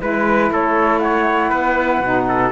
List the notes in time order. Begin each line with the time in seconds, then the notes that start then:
0.00 G#3 E4 B4
0.51 A3 A4 C#5
0.98 C#5 F#5
1.49 B3 B4
2.00 B2 D#4
2.28 A4